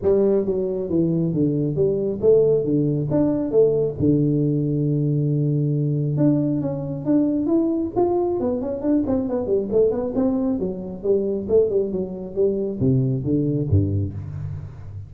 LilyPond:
\new Staff \with { instrumentName = "tuba" } { \time 4/4 \tempo 4 = 136 g4 fis4 e4 d4 | g4 a4 d4 d'4 | a4 d2.~ | d2 d'4 cis'4 |
d'4 e'4 f'4 b8 cis'8 | d'8 c'8 b8 g8 a8 b8 c'4 | fis4 g4 a8 g8 fis4 | g4 c4 d4 g,4 | }